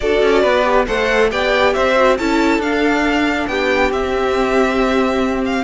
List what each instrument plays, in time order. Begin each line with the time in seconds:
0.00 cello D4, viola F#4, violin A4 D5
0.22 cello C#4
0.41 cello B3, violin B4
0.64 viola G4
0.86 cello A3, viola A4, violin C5 F#5
1.30 cello B3, viola G4, violin D5 G5
1.73 cello C4, violin C5 E5
1.95 viola F#4
2.17 cello C#4, viola E4, violin A4 A5
2.58 cello D4, viola D4, violin F5
3.47 cello B3, violin G4 G5
3.90 cello C4, viola C4, violin E5
5.44 violin F5